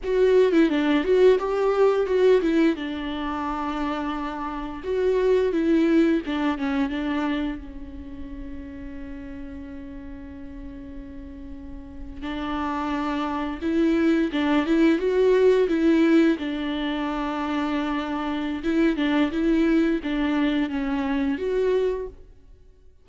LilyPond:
\new Staff \with { instrumentName = "viola" } { \time 4/4 \tempo 4 = 87 fis'8. e'16 d'8 fis'8 g'4 fis'8 e'8 | d'2. fis'4 | e'4 d'8 cis'8 d'4 cis'4~ | cis'1~ |
cis'4.~ cis'16 d'2 e'16~ | e'8. d'8 e'8 fis'4 e'4 d'16~ | d'2. e'8 d'8 | e'4 d'4 cis'4 fis'4 | }